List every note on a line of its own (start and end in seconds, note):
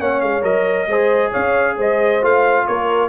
0.00 0.22 A#3
0.00 0.42 C#4
0.00 0.89 C#5
0.00 0.21 F#5
0.21 0.43 G#3
0.21 0.43 F5
0.42 0.87 F#3
0.42 0.86 A#4
0.42 1.33 D#5
0.87 1.32 G#3
0.87 2.22 G#4
0.87 1.32 C5
1.32 1.78 C#4
1.32 1.76 C#5
1.32 1.78 F5
1.78 2.23 G#3
1.78 2.67 C5
1.78 2.25 D#5
2.22 2.67 A3
2.22 3.09 F4
2.22 2.67 F5
2.67 3.09 A#3
2.67 3.09 A#4
2.67 3.09 C#5